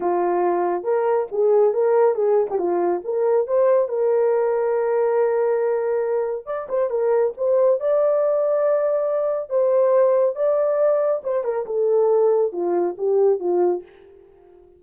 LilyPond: \new Staff \with { instrumentName = "horn" } { \time 4/4 \tempo 4 = 139 f'2 ais'4 gis'4 | ais'4 gis'8. g'16 f'4 ais'4 | c''4 ais'2.~ | ais'2. d''8 c''8 |
ais'4 c''4 d''2~ | d''2 c''2 | d''2 c''8 ais'8 a'4~ | a'4 f'4 g'4 f'4 | }